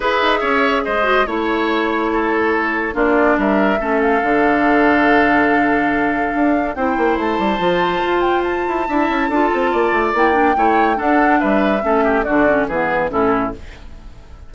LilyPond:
<<
  \new Staff \with { instrumentName = "flute" } { \time 4/4 \tempo 4 = 142 e''2 dis''4 cis''4~ | cis''2. d''4 | e''4. f''2~ f''8~ | f''1 |
g''4 a''2~ a''8 g''8 | a''1 | g''2 fis''4 e''4~ | e''4 d''4 b'4 a'4 | }
  \new Staff \with { instrumentName = "oboe" } { \time 4/4 b'4 cis''4 c''4 cis''4~ | cis''4 a'2 f'4 | ais'4 a'2.~ | a'1 |
c''1~ | c''4 e''4 a'4 d''4~ | d''4 cis''4 a'4 b'4 | a'8 g'8 fis'4 gis'4 e'4 | }
  \new Staff \with { instrumentName = "clarinet" } { \time 4/4 gis'2~ gis'8 fis'8 e'4~ | e'2. d'4~ | d'4 cis'4 d'2~ | d'1 |
e'2 f'2~ | f'4 e'4 f'2 | e'8 d'8 e'4 d'2 | cis'4 d'8 cis'8 b4 cis'4 | }
  \new Staff \with { instrumentName = "bassoon" } { \time 4/4 e'8 dis'8 cis'4 gis4 a4~ | a2. ais4 | g4 a4 d2~ | d2. d'4 |
c'8 ais8 a8 g8 f4 f'4~ | f'8 e'8 d'8 cis'8 d'8 c'8 ais8 a8 | ais4 a4 d'4 g4 | a4 d4 e4 a,4 | }
>>